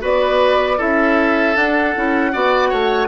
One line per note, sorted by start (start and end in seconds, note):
0.00 0.79 B3
0.00 0.77 F#4
0.00 0.77 B4
0.00 0.81 D5
0.77 1.55 C#4
0.77 1.54 E4
0.77 2.31 A4
0.77 1.56 E5
1.55 1.94 D4
1.55 3.07 F#5
1.95 2.34 C#4
1.95 2.32 E4
2.32 2.72 B3
2.32 3.07 F#4
2.32 2.69 D5
2.69 3.07 A3
2.69 3.07 C#5